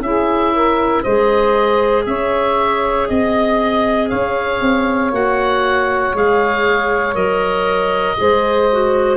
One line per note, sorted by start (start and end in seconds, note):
0.00 1.02 C#4
0.00 1.05 E4
0.00 0.53 G#4
0.00 1.03 E5
0.53 1.02 A#4
1.02 2.06 G#3
1.02 5.12 G#4
1.02 2.04 C5
1.02 2.04 D#5
2.06 3.08 C#4
2.06 3.08 C#5
2.06 3.08 E5
3.09 4.11 C4
3.09 4.08 D#5
3.09 4.09 D#5
4.08 4.61 C#4
4.08 8.15 C#5
4.08 5.11 F5
4.61 5.11 C4
5.11 6.13 A#3
5.11 6.14 F#4
5.11 6.16 F#5
6.14 7.15 G#3
6.14 7.14 G#4
6.14 7.15 F5
7.14 8.17 F#3
7.14 8.16 A#4
7.14 9.17 D#5
8.17 9.17 G#3
8.17 8.68 G#4
8.17 9.17 C5
8.72 9.17 F#4